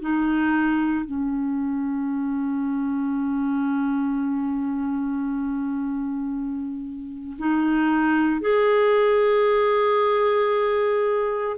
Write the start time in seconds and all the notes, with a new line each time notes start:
0.00 D#4
1.06 C#4
7.38 D#4
8.41 G#4